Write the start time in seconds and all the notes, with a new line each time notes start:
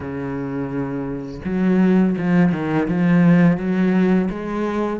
0.00 C#3
1.44 F#3
2.18 F3
2.52 D#3
2.87 F3
3.57 F#3
4.30 G#3